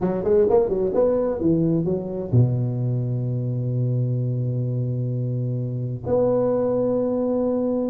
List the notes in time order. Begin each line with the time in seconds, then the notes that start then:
0.00 F#3
0.24 G#3
0.49 A#3
0.68 F#3
0.94 B3
1.40 E3
1.84 F#3
2.31 B2
6.06 B3